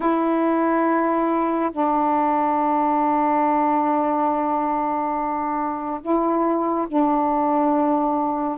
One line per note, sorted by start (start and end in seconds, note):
0.00 1.70 E4
1.71 6.00 D4
6.01 6.87 E4
6.87 8.58 D4